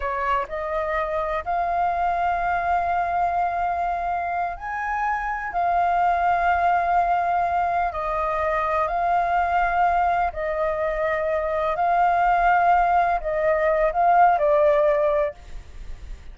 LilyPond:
\new Staff \with { instrumentName = "flute" } { \time 4/4 \tempo 4 = 125 cis''4 dis''2 f''4~ | f''1~ | f''4. gis''2 f''8~ | f''1~ |
f''8 dis''2 f''4.~ | f''4. dis''2~ dis''8~ | dis''8 f''2. dis''8~ | dis''4 f''4 d''2 | }